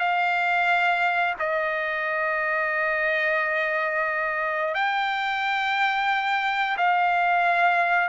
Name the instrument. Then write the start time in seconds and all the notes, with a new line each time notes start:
trumpet
0.00 F5
1.39 D#5
4.75 G5
6.78 F5